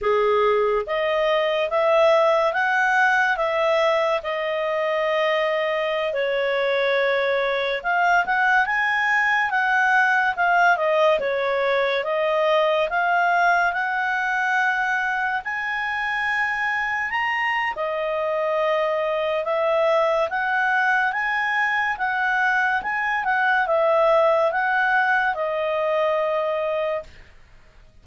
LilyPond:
\new Staff \with { instrumentName = "clarinet" } { \time 4/4 \tempo 4 = 71 gis'4 dis''4 e''4 fis''4 | e''4 dis''2~ dis''16 cis''8.~ | cis''4~ cis''16 f''8 fis''8 gis''4 fis''8.~ | fis''16 f''8 dis''8 cis''4 dis''4 f''8.~ |
f''16 fis''2 gis''4.~ gis''16~ | gis''16 ais''8. dis''2 e''4 | fis''4 gis''4 fis''4 gis''8 fis''8 | e''4 fis''4 dis''2 | }